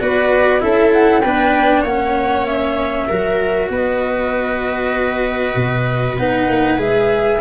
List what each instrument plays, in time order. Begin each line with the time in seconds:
0.00 tuba B3, cello F#4, viola B4, flute D5
0.60 tuba C#4, cello E4, viola A4, flute E5
0.93 flute F#5
1.21 tuba B3, cello D4, viola B4, flute G5
1.82 tuba A#3, cello C#4, viola C#5, flute F#5
2.46 flute E5
3.08 tuba F#3, cello F#4, viola A#4
3.70 tuba B3, viola B4, flute D#5
5.56 tuba B2
6.18 tuba B3, cello D#4, flute F#5
6.49 tuba A#3
6.78 tuba G#3, cello G#4, flute E5